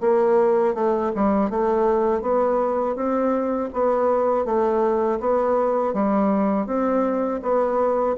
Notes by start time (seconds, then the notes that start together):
0.00 A#3
0.74 A3
1.15 G3
1.50 A3
2.22 B3
2.95 C4
3.73 B3
4.45 A3
5.20 B3
5.93 G3
6.66 C4
7.42 B3